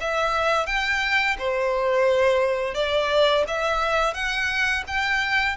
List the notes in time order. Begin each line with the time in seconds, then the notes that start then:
0.00 E5
0.66 G5
1.38 C5
2.74 D5
3.47 E5
4.14 F#5
4.87 G5